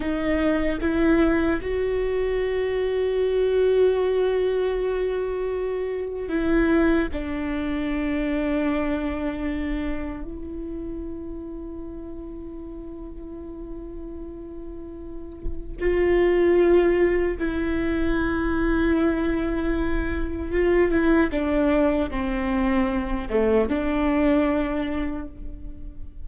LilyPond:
\new Staff \with { instrumentName = "viola" } { \time 4/4 \tempo 4 = 76 dis'4 e'4 fis'2~ | fis'1 | e'4 d'2.~ | d'4 e'2.~ |
e'1 | f'2 e'2~ | e'2 f'8 e'8 d'4 | c'4. a8 d'2 | }